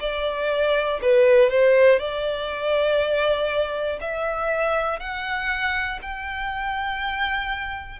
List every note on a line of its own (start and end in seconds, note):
0.00 1.00 D5
1.01 1.50 B4
1.50 1.99 C5
1.99 3.99 D5
4.00 5.00 E5
5.00 6.00 F#5
6.02 8.00 G5